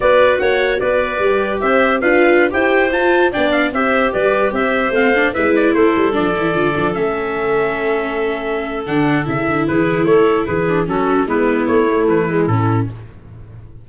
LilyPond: <<
  \new Staff \with { instrumentName = "trumpet" } { \time 4/4 \tempo 4 = 149 d''4 fis''4 d''2 | e''4 f''4~ f''16 g''4 a''8.~ | a''16 g''8 f''8 e''4 d''4 e''8.~ | e''16 f''4 e''8 d''8 c''4 d''8.~ |
d''4~ d''16 e''2~ e''8.~ | e''2 fis''4 e''4 | b'4 cis''4 b'4 a'4 | b'4 cis''4 b'4 a'4 | }
  \new Staff \with { instrumentName = "clarinet" } { \time 4/4 b'4 cis''4 b'2 | c''4 b'4~ b'16 c''4.~ c''16~ | c''16 d''4 c''4 b'4 c''8.~ | c''4~ c''16 b'4 a'4.~ a'16~ |
a'1~ | a'1 | gis'4 a'4 gis'4 fis'4 | e'1 | }
  \new Staff \with { instrumentName = "viola" } { \time 4/4 fis'2. g'4~ | g'4 f'4~ f'16 g'4 f'8.~ | f'16 d'4 g'2~ g'8.~ | g'16 c'8 d'8 e'2 d'8 e'16~ |
e'16 f'8 d'8 cis'2~ cis'8.~ | cis'2 d'4 e'4~ | e'2~ e'8 d'8 cis'4 | b4. a4 gis8 cis'4 | }
  \new Staff \with { instrumentName = "tuba" } { \time 4/4 b4 ais4 b4 g4 | c'4 d'4~ d'16 e'4 f'8.~ | f'16 b4 c'4 g4 c'8.~ | c'16 a4 gis4 a8 g8 f8 e16~ |
e16 d8 f8 a2~ a8.~ | a2 d4 cis8 d8 | e4 a4 e4 fis4 | gis4 a4 e4 a,4 | }
>>